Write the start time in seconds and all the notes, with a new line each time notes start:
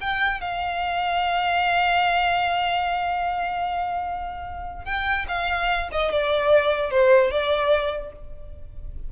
0.00 G5
0.40 F5
4.85 G5
5.28 F5
5.91 D#5
6.11 D5
6.90 C5
7.31 D5